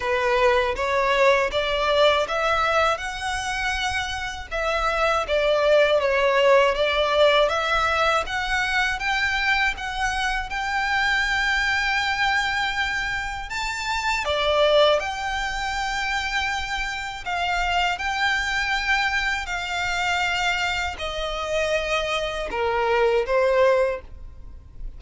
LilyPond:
\new Staff \with { instrumentName = "violin" } { \time 4/4 \tempo 4 = 80 b'4 cis''4 d''4 e''4 | fis''2 e''4 d''4 | cis''4 d''4 e''4 fis''4 | g''4 fis''4 g''2~ |
g''2 a''4 d''4 | g''2. f''4 | g''2 f''2 | dis''2 ais'4 c''4 | }